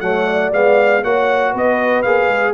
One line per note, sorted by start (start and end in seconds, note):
0.00 0.51 F#3
0.00 0.52 A3
0.00 0.26 C#5
0.00 0.51 F#5
0.26 1.03 D5
0.52 1.03 G#3
0.52 1.03 B3
0.52 1.03 F5
1.03 1.54 A#3
1.03 2.05 F#4
1.03 1.51 C#5
1.03 1.54 F#5
1.51 2.05 B3
1.51 2.52 B4
1.57 2.02 D#5
2.02 2.27 A#3
2.02 2.53 G#4
2.02 2.53 F5
2.27 2.52 G#3